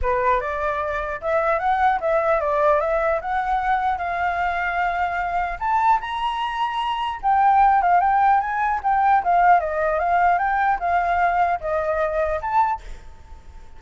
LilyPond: \new Staff \with { instrumentName = "flute" } { \time 4/4 \tempo 4 = 150 b'4 d''2 e''4 | fis''4 e''4 d''4 e''4 | fis''2 f''2~ | f''2 a''4 ais''4~ |
ais''2 g''4. f''8 | g''4 gis''4 g''4 f''4 | dis''4 f''4 g''4 f''4~ | f''4 dis''2 a''4 | }